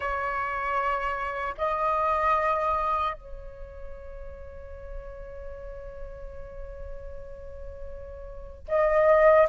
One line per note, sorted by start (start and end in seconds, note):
0.00 1.54 C#5
1.57 3.13 D#5
3.13 8.66 C#5
8.68 9.47 D#5